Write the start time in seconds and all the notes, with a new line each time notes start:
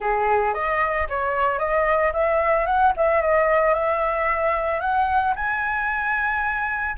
0.00 G#4
0.54 D#5
1.09 C#5
1.59 D#5
2.12 E5
2.65 F#5
2.96 E5
3.21 D#5
3.74 E5
4.80 F#5
5.35 G#5